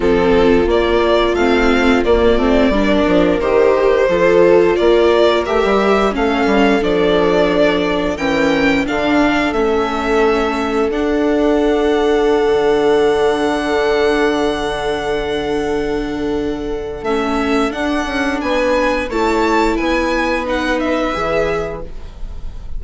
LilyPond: <<
  \new Staff \with { instrumentName = "violin" } { \time 4/4 \tempo 4 = 88 a'4 d''4 f''4 d''4~ | d''4 c''2 d''4 | e''4 f''4 d''2 | g''4 f''4 e''2 |
fis''1~ | fis''1~ | fis''4 e''4 fis''4 gis''4 | a''4 gis''4 fis''8 e''4. | }
  \new Staff \with { instrumentName = "viola" } { \time 4/4 f'1 | ais'2 a'4 ais'4~ | ais'4 a'2. | ais'4 a'2.~ |
a'1~ | a'1~ | a'2. b'4 | cis''4 b'2. | }
  \new Staff \with { instrumentName = "viola" } { \time 4/4 c'4 ais4 c'4 ais8 c'8 | d'4 g'4 f'2 | g'4 cis'4 d'2 | cis'4 d'4 cis'2 |
d'1~ | d'1~ | d'4 cis'4 d'2 | e'2 dis'4 gis'4 | }
  \new Staff \with { instrumentName = "bassoon" } { \time 4/4 f4 ais4 a4 ais8 a8 | g8 f8 dis4 f4 ais4 | a16 g8. a8 g8 f2 | e4 d4 a2 |
d'2~ d'16 d4.~ d16~ | d1~ | d4 a4 d'8 cis'8 b4 | a4 b2 e4 | }
>>